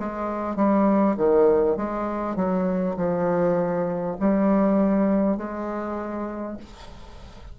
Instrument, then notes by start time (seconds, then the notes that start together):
bassoon
0.00 G#3
0.56 G3
1.18 D#3
1.77 G#3
2.36 F#3
2.97 F3
4.20 G3
5.37 G#3